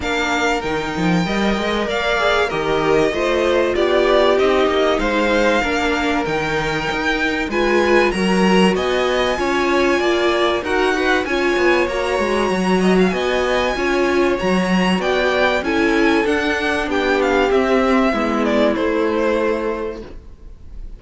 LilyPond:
<<
  \new Staff \with { instrumentName = "violin" } { \time 4/4 \tempo 4 = 96 f''4 g''2 f''4 | dis''2 d''4 dis''4 | f''2 g''2 | gis''4 ais''4 gis''2~ |
gis''4 fis''4 gis''4 ais''4~ | ais''4 gis''2 ais''4 | g''4 gis''4 fis''4 g''8 f''8 | e''4. d''8 c''2 | }
  \new Staff \with { instrumentName = "violin" } { \time 4/4 ais'2 dis''4 d''4 | ais'4 c''4 g'2 | c''4 ais'2. | b'4 ais'4 dis''4 cis''4 |
d''4 ais'8 fis'8 cis''2~ | cis''8 dis''16 f''16 dis''4 cis''2 | d''4 a'2 g'4~ | g'4 e'2. | }
  \new Staff \with { instrumentName = "viola" } { \time 4/4 d'4 dis'4 ais'4. gis'8 | g'4 f'2 dis'4~ | dis'4 d'4 dis'2 | f'4 fis'2 f'4~ |
f'4 fis'8 b'8 f'4 fis'4~ | fis'2 f'4 fis'4~ | fis'4 e'4 d'2 | c'4 b4 a2 | }
  \new Staff \with { instrumentName = "cello" } { \time 4/4 ais4 dis8 f8 g8 gis8 ais4 | dis4 a4 b4 c'8 ais8 | gis4 ais4 dis4 dis'4 | gis4 fis4 b4 cis'4 |
ais4 dis'4 cis'8 b8 ais8 gis8 | fis4 b4 cis'4 fis4 | b4 cis'4 d'4 b4 | c'4 gis4 a2 | }
>>